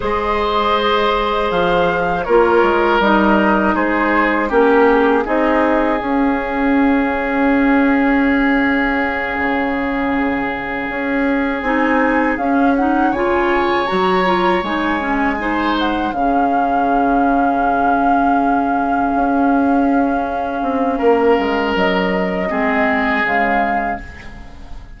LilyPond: <<
  \new Staff \with { instrumentName = "flute" } { \time 4/4 \tempo 4 = 80 dis''2 f''4 cis''4 | dis''4 c''4 ais'8 gis'8 dis''4 | f''1~ | f''2.~ f''8 gis''8~ |
gis''8 f''8 fis''8 gis''4 ais''4 gis''8~ | gis''4 fis''8 f''2~ f''8~ | f''1~ | f''4 dis''2 f''4 | }
  \new Staff \with { instrumentName = "oboe" } { \time 4/4 c''2. ais'4~ | ais'4 gis'4 g'4 gis'4~ | gis'1~ | gis'1~ |
gis'4. cis''2~ cis''8~ | cis''8 c''4 gis'2~ gis'8~ | gis'1 | ais'2 gis'2 | }
  \new Staff \with { instrumentName = "clarinet" } { \time 4/4 gis'2. f'4 | dis'2 cis'4 dis'4 | cis'1~ | cis'2.~ cis'8 dis'8~ |
dis'8 cis'8 dis'8 f'4 fis'8 f'8 dis'8 | cis'8 dis'4 cis'2~ cis'8~ | cis'1~ | cis'2 c'4 gis4 | }
  \new Staff \with { instrumentName = "bassoon" } { \time 4/4 gis2 f4 ais8 gis8 | g4 gis4 ais4 c'4 | cis'1~ | cis'8 cis2 cis'4 c'8~ |
c'8 cis'4 cis4 fis4 gis8~ | gis4. cis2~ cis8~ | cis4. cis'2 c'8 | ais8 gis8 fis4 gis4 cis4 | }
>>